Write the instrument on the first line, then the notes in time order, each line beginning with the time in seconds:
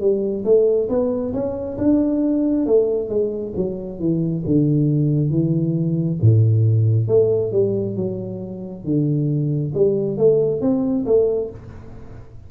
tuba
0.00 G3
0.45 A3
0.89 B3
1.34 C#4
1.78 D4
2.67 A3
3.09 G#3
3.56 F#3
3.99 E3
4.46 D3
5.30 E3
6.22 A2
7.08 A3
7.52 G3
7.96 F#3
8.84 D3
9.74 G3
10.18 A3
10.61 C4
11.06 A3